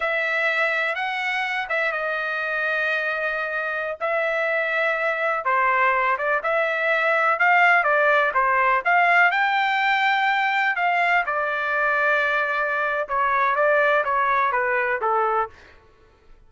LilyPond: \new Staff \with { instrumentName = "trumpet" } { \time 4/4 \tempo 4 = 124 e''2 fis''4. e''8 | dis''1~ | dis''16 e''2. c''8.~ | c''8. d''8 e''2 f''8.~ |
f''16 d''4 c''4 f''4 g''8.~ | g''2~ g''16 f''4 d''8.~ | d''2. cis''4 | d''4 cis''4 b'4 a'4 | }